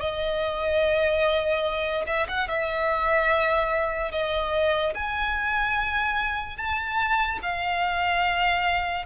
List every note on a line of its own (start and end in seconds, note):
0.00 2.05 D#5
2.07 2.27 E5
2.28 2.48 F#5
2.48 4.12 E5
4.12 4.94 D#5
4.95 6.57 G#5
6.57 7.39 A5
7.42 9.06 F5